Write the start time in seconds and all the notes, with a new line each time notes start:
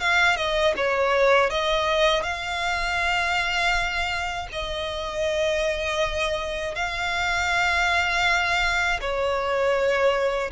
0.00 F5
0.36 D#5
0.76 C#5
1.50 D#5
2.23 F5
4.52 D#5
6.75 F5
9.01 C#5